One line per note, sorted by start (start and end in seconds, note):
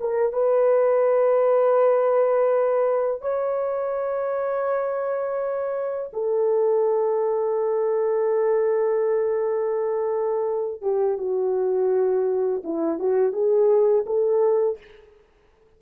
0.00 0.32 A#4
0.32 3.21 B4
3.21 6.11 C#5
6.13 10.81 A4
10.81 11.17 G4
11.17 12.62 F#4
12.63 12.99 E4
12.99 13.32 F#4
13.32 14.04 G#4
14.06 14.78 A4